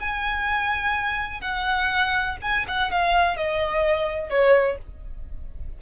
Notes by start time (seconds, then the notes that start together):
0.00 G#5
1.41 F#5
2.42 G#5
2.68 F#5
2.91 F5
3.37 D#5
4.30 C#5